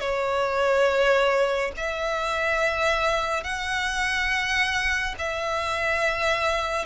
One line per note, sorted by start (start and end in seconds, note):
0.00 1.71 C#5
1.76 3.43 E5
3.43 5.15 F#5
5.18 6.85 E5